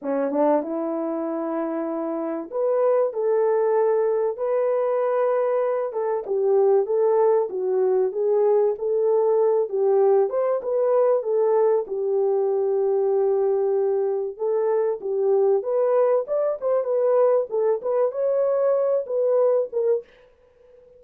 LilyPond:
\new Staff \with { instrumentName = "horn" } { \time 4/4 \tempo 4 = 96 cis'8 d'8 e'2. | b'4 a'2 b'4~ | b'4. a'8 g'4 a'4 | fis'4 gis'4 a'4. g'8~ |
g'8 c''8 b'4 a'4 g'4~ | g'2. a'4 | g'4 b'4 d''8 c''8 b'4 | a'8 b'8 cis''4. b'4 ais'8 | }